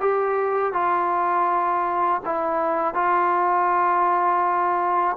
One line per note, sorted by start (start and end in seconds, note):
0.00 0.73 G4
0.73 2.21 F4
2.25 2.94 E4
2.94 5.16 F4